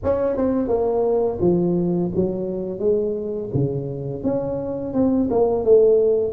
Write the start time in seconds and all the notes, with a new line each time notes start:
0.03 C#4
0.36 C4
0.68 A#3
1.41 F3
2.15 F#3
2.79 G#3
3.54 C#3
4.24 C#4
4.93 C4
5.30 A#3
5.64 A3